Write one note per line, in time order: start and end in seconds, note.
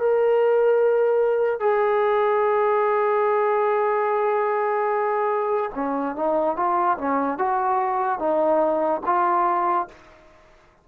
0.00 1.60 A#4
1.60 5.71 G#4
5.75 6.16 C#4
6.16 6.57 D#4
6.57 6.98 F4
6.98 7.39 C#4
7.39 8.19 F#4
8.19 9.01 D#4
9.06 9.88 F4